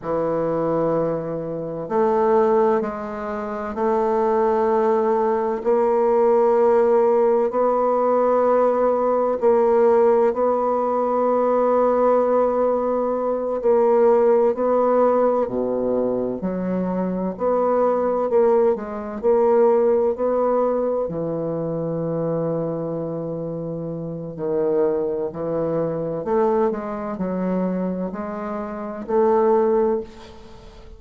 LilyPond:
\new Staff \with { instrumentName = "bassoon" } { \time 4/4 \tempo 4 = 64 e2 a4 gis4 | a2 ais2 | b2 ais4 b4~ | b2~ b8 ais4 b8~ |
b8 b,4 fis4 b4 ais8 | gis8 ais4 b4 e4.~ | e2 dis4 e4 | a8 gis8 fis4 gis4 a4 | }